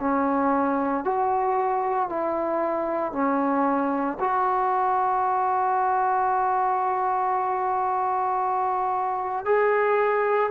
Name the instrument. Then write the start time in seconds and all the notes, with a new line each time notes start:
trombone
0.00 C#4
1.05 F#4
2.10 E4
3.13 C#4
4.20 F#4
9.46 G#4